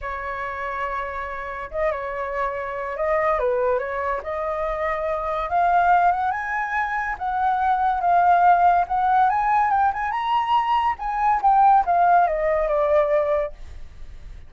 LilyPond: \new Staff \with { instrumentName = "flute" } { \time 4/4 \tempo 4 = 142 cis''1 | dis''8 cis''2~ cis''8 dis''4 | b'4 cis''4 dis''2~ | dis''4 f''4. fis''8 gis''4~ |
gis''4 fis''2 f''4~ | f''4 fis''4 gis''4 g''8 gis''8 | ais''2 gis''4 g''4 | f''4 dis''4 d''2 | }